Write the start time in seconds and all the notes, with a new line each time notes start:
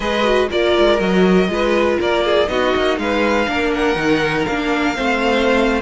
0.00 G#3 G#4 B4 D#5
0.23 F#4
0.49 A#3 F4 A#4 D5
0.78 G#3
0.99 F#3 F#4 D#5
1.47 G#3 F4 B4
1.99 A#3 A#4 D5
2.24 G#4
2.47 B3 D#4 F#4 D#5
2.76 A#3
2.97 G#3 B4 F5
3.46 A#3 D4 A#4
3.74 F#5
3.95 D#3 D#4
4.45 A#3 D4 F5
4.95 A3 C4 C5